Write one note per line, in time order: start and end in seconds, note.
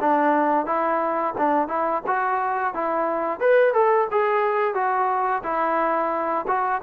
0.00 0.66 D4
0.66 1.34 E4
1.38 1.68 D4
1.68 2.02 E4
2.06 2.74 F#4
2.74 3.40 E4
3.40 3.73 B4
3.73 4.08 A4
4.11 4.74 G#4
4.74 5.42 F#4
5.43 6.45 E4
6.47 6.82 F#4